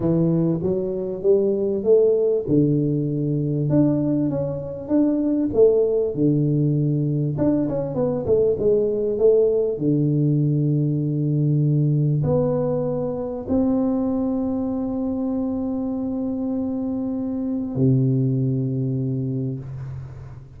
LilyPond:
\new Staff \with { instrumentName = "tuba" } { \time 4/4 \tempo 4 = 98 e4 fis4 g4 a4 | d2 d'4 cis'4 | d'4 a4 d2 | d'8 cis'8 b8 a8 gis4 a4 |
d1 | b2 c'2~ | c'1~ | c'4 c2. | }